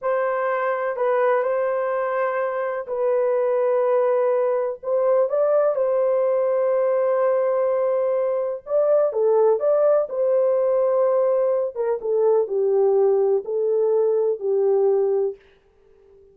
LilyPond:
\new Staff \with { instrumentName = "horn" } { \time 4/4 \tempo 4 = 125 c''2 b'4 c''4~ | c''2 b'2~ | b'2 c''4 d''4 | c''1~ |
c''2 d''4 a'4 | d''4 c''2.~ | c''8 ais'8 a'4 g'2 | a'2 g'2 | }